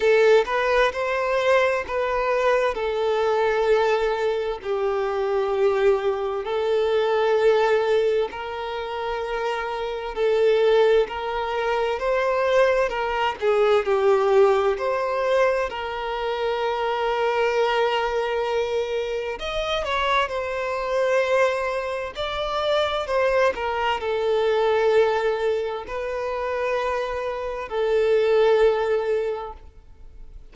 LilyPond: \new Staff \with { instrumentName = "violin" } { \time 4/4 \tempo 4 = 65 a'8 b'8 c''4 b'4 a'4~ | a'4 g'2 a'4~ | a'4 ais'2 a'4 | ais'4 c''4 ais'8 gis'8 g'4 |
c''4 ais'2.~ | ais'4 dis''8 cis''8 c''2 | d''4 c''8 ais'8 a'2 | b'2 a'2 | }